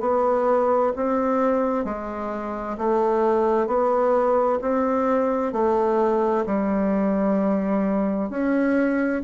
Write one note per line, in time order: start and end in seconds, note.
0.00 0.92 B3
0.96 1.84 C4
1.84 2.77 G#3
2.77 3.66 A3
3.66 4.59 B3
4.61 5.52 C4
5.52 6.44 A3
6.46 8.30 G3
8.30 9.22 C#4